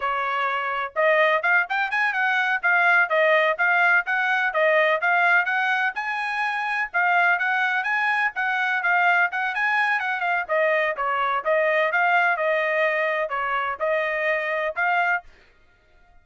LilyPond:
\new Staff \with { instrumentName = "trumpet" } { \time 4/4 \tempo 4 = 126 cis''2 dis''4 f''8 g''8 | gis''8 fis''4 f''4 dis''4 f''8~ | f''8 fis''4 dis''4 f''4 fis''8~ | fis''8 gis''2 f''4 fis''8~ |
fis''8 gis''4 fis''4 f''4 fis''8 | gis''4 fis''8 f''8 dis''4 cis''4 | dis''4 f''4 dis''2 | cis''4 dis''2 f''4 | }